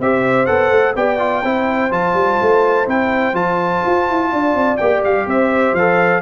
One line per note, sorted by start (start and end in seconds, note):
0.00 0.48 C4
0.00 0.47 G4
0.00 0.97 C5
0.00 0.46 E5
0.46 0.71 B3
0.46 0.95 A4
0.46 0.94 F#5
0.71 0.95 A3
0.96 1.44 B3
0.96 1.19 G4
0.96 1.43 D5
0.96 1.93 G5
1.19 1.43 F4
1.43 1.91 C4
1.43 1.91 E4
1.43 4.31 C5
1.91 2.14 F3
1.91 2.86 F4
1.91 2.89 A5
2.14 2.38 G3
2.42 2.88 A3
2.86 3.33 C4
2.86 3.34 E4
2.86 3.36 G5
3.33 3.81 F3
3.33 4.78 F4
3.33 4.78 A5
3.86 4.10 F4
4.10 4.33 E4
4.33 4.55 D4
4.33 5.27 D5
4.55 4.79 C4
4.78 5.05 A#3
4.78 5.78 G4
4.78 5.02 G5
5.05 5.27 G3
5.05 5.29 F5
5.27 5.73 C4
5.27 6.22 C5
5.27 5.75 E5
5.73 6.21 F3
5.73 6.22 A4
5.73 6.22 F5